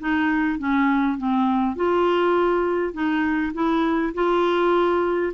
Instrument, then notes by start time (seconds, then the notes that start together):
clarinet
0.00 D#4
0.59 C#4
1.18 C4
1.76 F4
2.94 D#4
3.54 E4
4.15 F4